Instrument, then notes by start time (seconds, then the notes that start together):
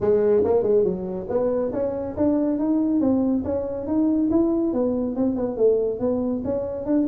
tuba
0.00 G#3
0.44 A#3
0.63 G#3
0.84 F#3
1.29 B3
1.72 C#4
2.16 D4
2.58 D#4
3.00 C4
3.44 C#4
3.86 D#4
4.30 E4
4.73 B3
5.15 C4
5.35 B3
5.57 A3
5.99 B3
6.44 C#4
6.85 D4